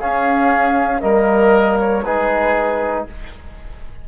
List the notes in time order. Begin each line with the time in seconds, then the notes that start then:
0.00 C#4 G#4 F5
1.01 G3 A#3 A#4 D#5
1.80 C#5
2.04 G#3 D#4 G#4 B4